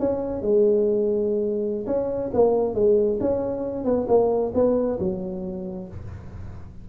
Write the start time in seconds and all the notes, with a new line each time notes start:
0.00 C#4
0.42 G#3
1.87 C#4
2.34 A#3
2.75 G#3
3.21 C#4
3.85 B3
4.08 A#3
4.55 B3
5.00 F#3